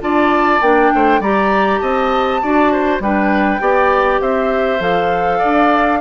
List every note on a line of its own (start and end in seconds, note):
0.00 0.61 D4
0.00 0.60 F4
0.00 0.93 D5
0.00 0.61 A5
0.61 0.91 A#3
0.61 1.22 D4
0.61 1.21 G5
0.94 1.19 A3
0.94 1.20 C5
1.19 1.79 G3
1.19 2.42 G4
1.19 1.80 D5
1.19 1.79 A#5
1.79 2.42 C4
1.79 2.41 D#5
1.79 2.99 A5
2.42 3.00 D4
2.42 3.02 F#4
2.42 2.72 D5
2.72 3.02 C5
3.00 3.60 G3
3.00 3.60 D4
3.00 3.61 B4
3.00 4.21 G5
3.60 4.20 B3
3.60 4.80 G4
3.60 4.21 D5
4.21 4.79 C4
4.21 5.38 C5
4.21 4.81 E5
4.79 5.39 F3
4.79 6.00 A4
4.79 6.00 F5
5.38 6.00 D4
5.38 5.99 D5